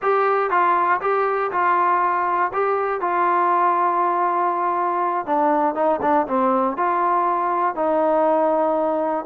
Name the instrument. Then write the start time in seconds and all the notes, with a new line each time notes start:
trombone
0.02 G4
0.50 F4
1.01 G4
1.51 F4
2.53 G4
3.00 F4
5.25 D4
5.75 D#4
6.01 D4
6.27 C4
6.76 F4
7.75 D#4